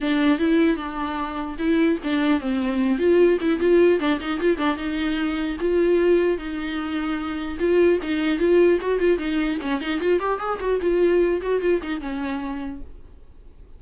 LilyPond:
\new Staff \with { instrumentName = "viola" } { \time 4/4 \tempo 4 = 150 d'4 e'4 d'2 | e'4 d'4 c'4. f'8~ | f'8 e'8 f'4 d'8 dis'8 f'8 d'8 | dis'2 f'2 |
dis'2. f'4 | dis'4 f'4 fis'8 f'8 dis'4 | cis'8 dis'8 f'8 g'8 gis'8 fis'8 f'4~ | f'8 fis'8 f'8 dis'8 cis'2 | }